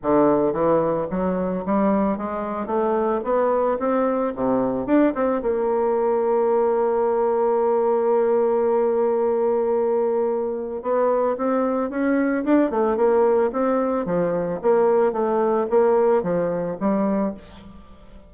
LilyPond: \new Staff \with { instrumentName = "bassoon" } { \time 4/4 \tempo 4 = 111 d4 e4 fis4 g4 | gis4 a4 b4 c'4 | c4 d'8 c'8 ais2~ | ais1~ |
ais1 | b4 c'4 cis'4 d'8 a8 | ais4 c'4 f4 ais4 | a4 ais4 f4 g4 | }